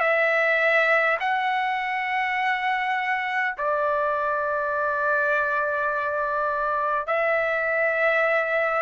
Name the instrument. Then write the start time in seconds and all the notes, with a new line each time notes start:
trumpet
0.00 E5
1.20 F#5
3.58 D5
7.07 E5